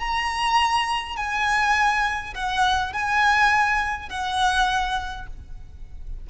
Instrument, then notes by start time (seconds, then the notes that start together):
violin
0.00 A#5
1.17 G#5
2.35 F#5
2.93 G#5
4.09 F#5